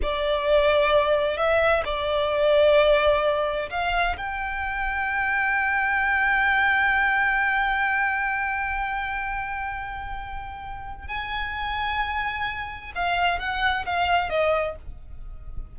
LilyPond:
\new Staff \with { instrumentName = "violin" } { \time 4/4 \tempo 4 = 130 d''2. e''4 | d''1 | f''4 g''2.~ | g''1~ |
g''1~ | g''1 | gis''1 | f''4 fis''4 f''4 dis''4 | }